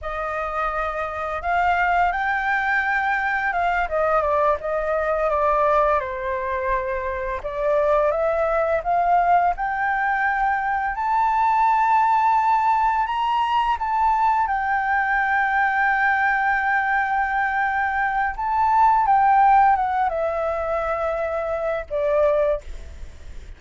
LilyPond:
\new Staff \with { instrumentName = "flute" } { \time 4/4 \tempo 4 = 85 dis''2 f''4 g''4~ | g''4 f''8 dis''8 d''8 dis''4 d''8~ | d''8 c''2 d''4 e''8~ | e''8 f''4 g''2 a''8~ |
a''2~ a''8 ais''4 a''8~ | a''8 g''2.~ g''8~ | g''2 a''4 g''4 | fis''8 e''2~ e''8 d''4 | }